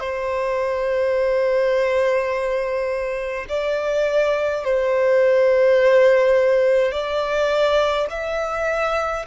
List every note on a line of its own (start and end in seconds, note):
0.00 3.46 C5
3.49 4.65 D5
4.65 6.92 C5
6.92 8.07 D5
8.11 9.26 E5